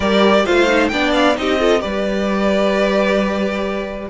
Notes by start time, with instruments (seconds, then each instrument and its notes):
0.00 cello G3, viola G4, violin A#4 D5
0.45 cello A3, viola F4, violin C5 F5
0.67 viola D#4
0.88 cello B3, viola D4, violin D5 G5
1.13 violin F5
1.35 cello C4, viola D#4, violin G4 D#5
1.59 viola F4, violin A4
1.79 cello G3, viola G4, violin B4 D5